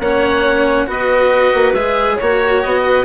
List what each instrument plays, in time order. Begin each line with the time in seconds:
0.00 bassoon A#3, cello C#4, clarinet C#5, oboe F#5
0.87 bassoon B3, cello F#4, clarinet B4, oboe D#5
1.54 bassoon A#3
1.74 bassoon G#3, cello G#4, oboe E5
2.16 bassoon A#3, cello F#4, clarinet C#5, oboe C#5
2.63 bassoon B3, oboe D#5
2.86 clarinet B4